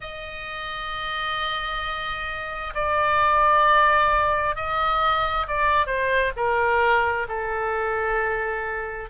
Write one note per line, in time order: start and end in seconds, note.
0.00 2.73 D#5
2.74 4.55 D5
4.55 5.46 D#5
5.47 5.86 D5
5.86 6.31 C5
6.36 7.27 A#4
7.28 9.09 A4